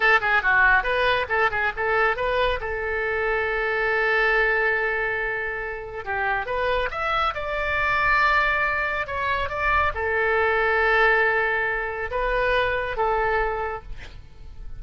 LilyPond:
\new Staff \with { instrumentName = "oboe" } { \time 4/4 \tempo 4 = 139 a'8 gis'8 fis'4 b'4 a'8 gis'8 | a'4 b'4 a'2~ | a'1~ | a'2 g'4 b'4 |
e''4 d''2.~ | d''4 cis''4 d''4 a'4~ | a'1 | b'2 a'2 | }